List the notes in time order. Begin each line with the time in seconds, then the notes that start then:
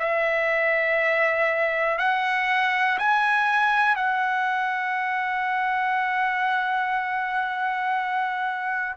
0.00 E5
1.99 F#5
2.99 G#5
3.96 F#5